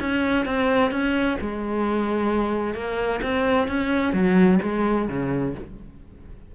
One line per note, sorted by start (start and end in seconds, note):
0.00 0.46 C#4
0.46 0.91 C4
0.91 1.38 C#4
1.41 2.74 G#3
2.74 3.21 A#3
3.22 3.68 C4
3.68 4.13 C#4
4.13 4.59 F#3
4.62 5.09 G#3
5.09 5.55 C#3